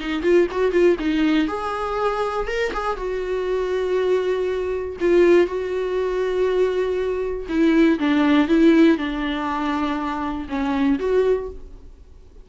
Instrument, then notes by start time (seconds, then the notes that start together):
viola
0.00 D#4
0.22 F4
0.51 F#4
0.72 F4
0.99 D#4
1.48 G#4
2.47 A#4
2.73 G#4
2.97 F#4
5.00 F4
5.47 F#4
7.49 E4
7.99 D4
8.48 E4
8.98 D4
10.49 C#4
10.99 F#4